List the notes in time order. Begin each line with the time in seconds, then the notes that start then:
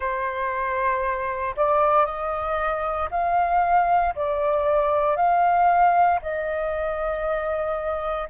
0.00 C5
1.56 D5
2.05 D#5
3.10 F5
4.15 D5
5.16 F5
6.22 D#5